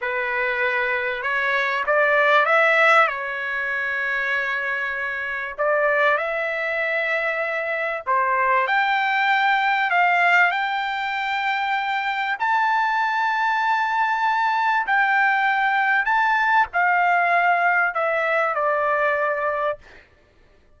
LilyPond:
\new Staff \with { instrumentName = "trumpet" } { \time 4/4 \tempo 4 = 97 b'2 cis''4 d''4 | e''4 cis''2.~ | cis''4 d''4 e''2~ | e''4 c''4 g''2 |
f''4 g''2. | a''1 | g''2 a''4 f''4~ | f''4 e''4 d''2 | }